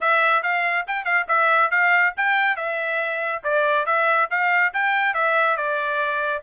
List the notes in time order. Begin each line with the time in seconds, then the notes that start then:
0.00 E5
0.42 F5
0.87 G5
1.05 F5
1.28 E5
1.70 F5
2.16 G5
2.56 E5
3.43 D5
3.86 E5
4.30 F5
4.73 G5
5.14 E5
5.57 D5